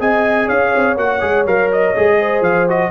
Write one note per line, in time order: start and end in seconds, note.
0.00 0.49 C4
0.00 0.97 G#4
0.00 0.47 D#5
0.00 0.49 G#5
0.47 0.74 C#4
0.47 2.16 C#5
0.47 0.97 F5
0.76 0.97 C4
0.97 1.21 A#3
0.97 1.21 F#4
0.97 1.47 F#5
1.21 1.46 G#3
1.21 1.45 G#4
1.46 1.94 F#3
1.46 1.96 A#4
1.46 1.72 F5
1.73 2.44 D#5
1.96 2.41 G#3
1.96 2.69 G#4
2.19 2.91 C5
2.41 2.90 F3
2.41 2.68 F5
2.69 2.91 F#4
2.69 2.91 D#5